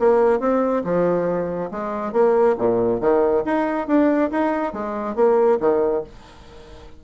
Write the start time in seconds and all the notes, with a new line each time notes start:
0.00 A#3
0.40 C4
0.85 F3
1.71 G#3
2.13 A#3
2.59 A#2
3.01 D#3
3.45 D#4
3.88 D4
4.32 D#4
4.74 G#3
5.16 A#3
5.61 D#3